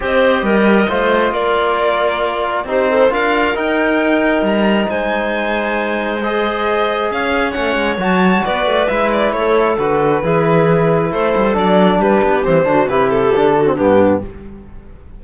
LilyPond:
<<
  \new Staff \with { instrumentName = "violin" } { \time 4/4 \tempo 4 = 135 dis''2. d''4~ | d''2 c''4 f''4 | g''2 ais''4 gis''4~ | gis''2 dis''2 |
f''4 fis''4 a''4 d''4 | e''8 d''8 cis''4 b'2~ | b'4 c''4 d''4 b'4 | c''4 b'8 a'4. g'4 | }
  \new Staff \with { instrumentName = "clarinet" } { \time 4/4 c''4 ais'4 c''4 ais'4~ | ais'2 g'8 a'8 ais'4~ | ais'2. c''4~ | c''1 |
cis''2. b'4~ | b'4 a'2 gis'4~ | gis'4 a'2 g'4~ | g'8 fis'8 g'4. fis'8 d'4 | }
  \new Staff \with { instrumentName = "trombone" } { \time 4/4 g'2 f'2~ | f'2 dis'4 f'4 | dis'1~ | dis'2 gis'2~ |
gis'4 cis'4 fis'2 | e'2 fis'4 e'4~ | e'2 d'2 | c'8 d'8 e'4 d'8. c'16 b4 | }
  \new Staff \with { instrumentName = "cello" } { \time 4/4 c'4 g4 a4 ais4~ | ais2 c'4 d'4 | dis'2 g4 gis4~ | gis1 |
cis'4 a8 gis8 fis4 b8 a8 | gis4 a4 d4 e4~ | e4 a8 g8 fis4 g8 b8 | e8 d8 c4 d4 g,4 | }
>>